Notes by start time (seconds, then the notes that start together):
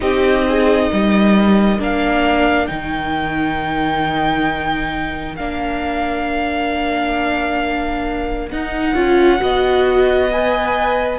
0.00 C4 D#4 G4 D#5
0.48 G#4
0.88 G3 A#4
1.78 A#3 D4 F5
2.66 D#3 D#4 G5
5.35 A#3 D4 F5
8.50 D#4 F#5
8.95 C#4 F4
9.38 B3 F#4 D#5
10.32 B4 G#5